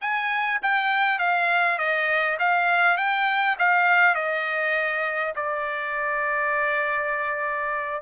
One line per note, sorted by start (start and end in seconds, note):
0.01 0.60 G#5
0.62 1.19 G5
1.19 1.78 F5
1.78 2.37 D#5
2.39 2.97 F5
2.97 3.56 G5
3.59 4.14 F5
4.14 5.33 D#5
5.35 8.02 D5